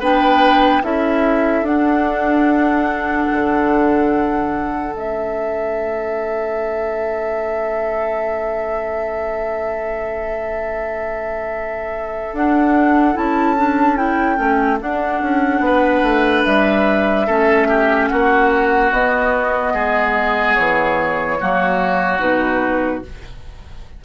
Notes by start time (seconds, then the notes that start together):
0.00 B3 D4 B4 G5
0.83 C#4 E4 A4 E5
1.62 D4 F#5
3.32 D3
4.93 A3 C#4 E5
12.33 D4 F#5
13.14 C#4 E4 A5
13.57 D4
13.96 E4 G5
14.36 A3 C#4
14.80 D4 F#5
15.22 C#4
15.60 B3 B4
16.03 A3
16.44 G3 E5
17.27 A3 C#4 A4
17.68 G4
18.08 A#3 F#4 F#5
18.91 B3 D#5
19.73 G#3 G#4
20.55 E3 C#5
21.39 F#3 A#3 F#4
22.19 B2 D#4 B4